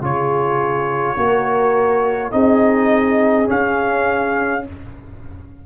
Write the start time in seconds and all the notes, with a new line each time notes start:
0.00 C#3 F4 G#4 C#5
1.17 A#3 F#4 A#4
2.31 C4 D#4 G#4 D#5
3.45 C#4 F5